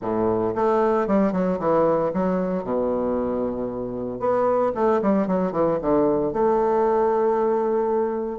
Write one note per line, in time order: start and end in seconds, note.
0.01 0.54 A2
0.55 1.07 A3
1.07 1.32 G3
1.32 1.58 F#3
1.59 2.11 E3
2.13 2.63 F#3
2.63 4.19 B2
4.19 4.72 B3
4.74 5.00 A3
5.01 5.27 G3
5.27 5.52 F#3
5.52 5.78 E3
5.81 6.33 D3
6.33 8.39 A3